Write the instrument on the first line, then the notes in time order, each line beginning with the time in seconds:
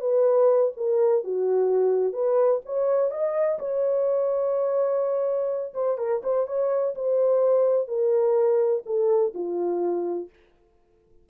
horn
0.00 B4
0.76 A#4
1.24 F#4
2.13 B4
2.65 C#5
3.11 D#5
3.59 C#5
5.74 C5
5.98 A#4
6.23 C5
6.47 C#5
6.95 C5
7.88 A#4
8.85 A4
9.34 F4